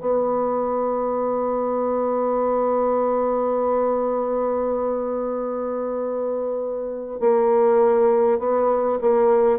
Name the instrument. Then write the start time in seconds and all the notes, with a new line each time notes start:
bassoon
0.00 B3
7.20 A#3
8.38 B3
9.01 A#3